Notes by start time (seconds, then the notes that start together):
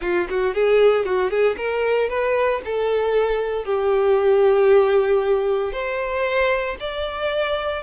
0.01 F4
0.29 F#4
0.54 G#4
1.05 F#4
1.30 G#4
1.57 A#4
2.09 B4
2.64 A4
3.64 G4
5.72 C5
6.79 D5